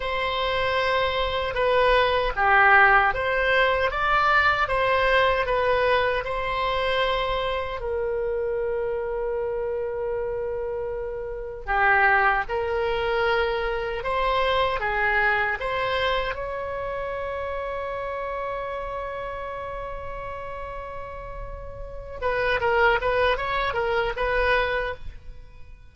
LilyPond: \new Staff \with { instrumentName = "oboe" } { \time 4/4 \tempo 4 = 77 c''2 b'4 g'4 | c''4 d''4 c''4 b'4 | c''2 ais'2~ | ais'2. g'4 |
ais'2 c''4 gis'4 | c''4 cis''2.~ | cis''1~ | cis''8 b'8 ais'8 b'8 cis''8 ais'8 b'4 | }